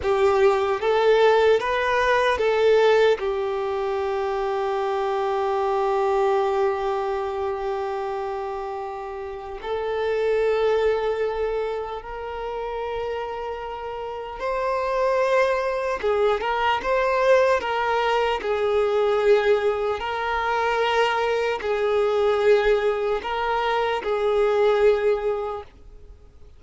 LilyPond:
\new Staff \with { instrumentName = "violin" } { \time 4/4 \tempo 4 = 75 g'4 a'4 b'4 a'4 | g'1~ | g'1 | a'2. ais'4~ |
ais'2 c''2 | gis'8 ais'8 c''4 ais'4 gis'4~ | gis'4 ais'2 gis'4~ | gis'4 ais'4 gis'2 | }